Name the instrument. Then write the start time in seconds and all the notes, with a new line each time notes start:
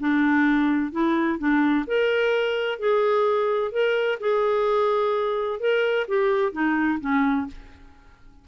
clarinet
0.00 D4
0.92 E4
1.39 D4
1.87 A#4
2.79 G#4
3.72 A#4
4.20 G#4
5.60 A#4
6.08 G4
6.52 D#4
7.01 C#4